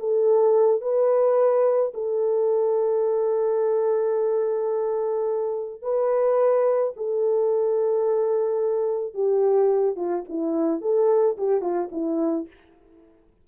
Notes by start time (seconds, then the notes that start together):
0.00 A4
0.82 B4
1.94 A4
5.82 B4
6.96 A4
9.14 G4
9.96 F4
10.29 E4
10.82 A4
11.38 G4
11.62 F4
11.92 E4